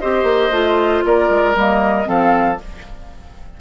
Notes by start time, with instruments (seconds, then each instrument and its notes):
0.00 bassoon C4, clarinet G4, oboe C5, flute D#5
0.23 bassoon A#3
0.50 bassoon A3, clarinet F4
1.04 bassoon A#3, oboe A#4, flute D5
1.29 bassoon G#3
1.55 bassoon G3, clarinet A#3, flute D#5
2.04 bassoon F3, clarinet C4, oboe A4, flute F5